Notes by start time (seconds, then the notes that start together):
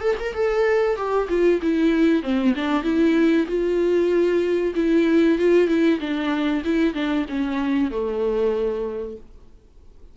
0.00 A4
0.20 A#4
0.33 A4
0.96 G4
1.28 F4
1.62 E4
2.23 C4
2.55 D4
2.83 E4
3.47 F4
4.75 E4
5.38 F4
5.67 E4
6.00 D4
6.64 E4
6.94 D4
7.29 C#4
7.90 A3